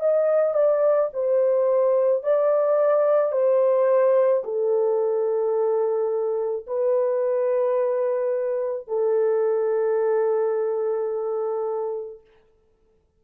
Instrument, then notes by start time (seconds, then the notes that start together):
horn
0.00 D#5
0.54 D5
1.13 C5
2.23 D5
3.32 C5
4.44 A4
6.66 B4
8.87 A4